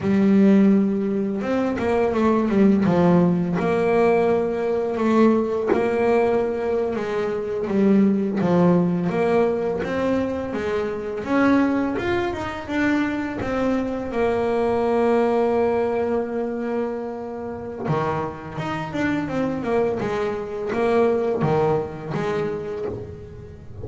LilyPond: \new Staff \with { instrumentName = "double bass" } { \time 4/4 \tempo 4 = 84 g2 c'8 ais8 a8 g8 | f4 ais2 a4 | ais4.~ ais16 gis4 g4 f16~ | f8. ais4 c'4 gis4 cis'16~ |
cis'8. f'8 dis'8 d'4 c'4 ais16~ | ais1~ | ais4 dis4 dis'8 d'8 c'8 ais8 | gis4 ais4 dis4 gis4 | }